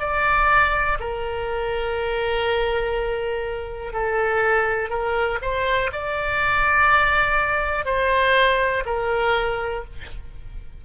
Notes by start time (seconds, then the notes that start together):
0.00 D5
1.00 A#4
3.93 A4
4.90 A#4
5.41 C5
5.92 D5
7.86 C5
8.86 A#4